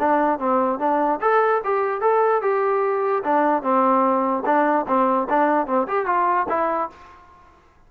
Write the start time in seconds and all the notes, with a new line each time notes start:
0.00 D4
0.39 C4
0.80 D4
1.22 A4
1.65 G4
2.02 A4
2.43 G4
3.24 D4
3.63 C4
4.46 D4
4.88 C4
5.30 D4
5.67 C4
5.88 G4
6.06 F4
6.50 E4